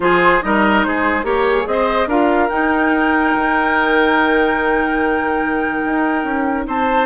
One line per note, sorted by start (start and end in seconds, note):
0.00 0.41 F3
0.00 0.41 F4
0.00 0.44 G#4
0.00 0.42 C5
0.41 0.85 G3
0.41 1.23 D#4
0.41 0.86 A#4
0.41 0.83 D#5
0.83 1.23 G#3
0.83 1.25 G#4
0.83 1.25 C5
1.23 1.65 A#3
1.23 1.64 G4
1.23 1.46 A#4
1.23 1.67 C#5
1.48 1.67 G#4
1.64 2.07 C4
1.64 2.06 G#4
1.64 2.09 D#5
1.71 2.08 C5
2.07 2.48 D4
2.07 2.49 F4
2.07 6.66 A#4
2.07 2.49 F5
2.49 7.06 D#4
2.49 3.34 D#4
2.49 6.66 G5
3.34 5.84 D#3
5.85 6.24 D#4
6.24 6.65 C#4
6.67 7.06 C4
6.67 7.06 C5
6.67 7.06 A5